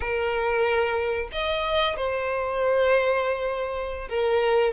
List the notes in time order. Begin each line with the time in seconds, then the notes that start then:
0.00 A#4
1.32 D#5
1.96 C5
4.09 A#4